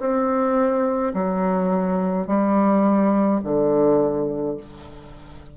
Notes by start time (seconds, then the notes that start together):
0.00 C4
1.14 F#3
2.27 G3
3.44 D3